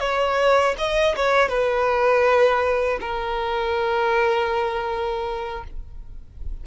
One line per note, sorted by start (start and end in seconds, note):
0.00 0.75 C#5
0.78 1.16 D#5
1.16 1.49 C#5
1.49 2.99 B4
3.01 5.64 A#4